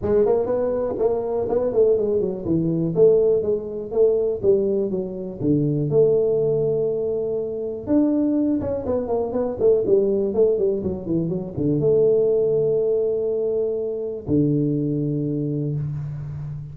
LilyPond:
\new Staff \with { instrumentName = "tuba" } { \time 4/4 \tempo 4 = 122 gis8 ais8 b4 ais4 b8 a8 | gis8 fis8 e4 a4 gis4 | a4 g4 fis4 d4 | a1 |
d'4. cis'8 b8 ais8 b8 a8 | g4 a8 g8 fis8 e8 fis8 d8 | a1~ | a4 d2. | }